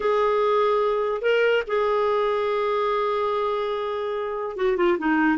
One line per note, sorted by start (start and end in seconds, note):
0.00 1.21 G#4
1.21 1.63 A#4
1.67 4.56 G#4
4.56 4.76 F#4
4.76 4.97 F4
4.98 5.38 D#4